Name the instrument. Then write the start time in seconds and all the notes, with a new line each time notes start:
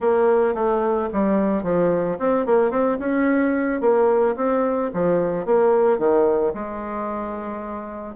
bassoon
0.00 A#3
0.54 A3
1.12 G3
1.63 F3
2.18 C4
2.45 A#3
2.70 C4
2.99 C#4
3.81 A#3
4.36 C4
4.93 F3
5.45 A#3
5.98 D#3
6.54 G#3